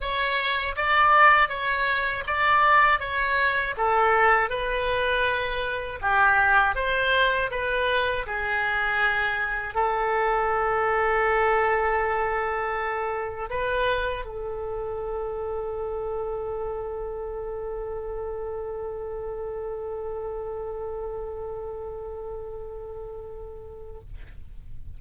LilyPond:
\new Staff \with { instrumentName = "oboe" } { \time 4/4 \tempo 4 = 80 cis''4 d''4 cis''4 d''4 | cis''4 a'4 b'2 | g'4 c''4 b'4 gis'4~ | gis'4 a'2.~ |
a'2 b'4 a'4~ | a'1~ | a'1~ | a'1 | }